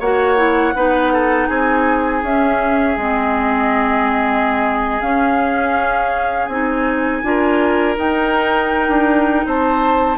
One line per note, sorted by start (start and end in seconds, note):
0.00 0.74 A#3
0.00 0.37 F#4
0.00 0.74 C#5
0.00 1.48 F#5
0.37 0.74 E4
0.75 1.49 B3
0.75 2.24 D#4
0.75 1.13 B4
1.13 1.49 A4
1.48 2.23 C4
1.48 7.23 G#4
1.48 2.22 G#5
2.23 2.97 C#4
2.23 2.99 C#4
2.23 2.98 E5
2.98 5.01 G#3
2.98 5.02 C4
2.98 5.01 D#5
5.01 6.48 C#4
5.01 6.50 C#4
5.01 6.47 F5
6.47 7.23 C4
6.47 7.24 D#4
6.47 7.95 G#5
7.23 7.98 D4
7.23 7.96 F4
7.23 9.47 A#4
7.96 10.18 D#4
7.96 8.89 D#4
7.96 9.47 G5
8.89 9.44 D4
9.46 10.18 C4
9.46 10.18 C5
9.46 10.18 A5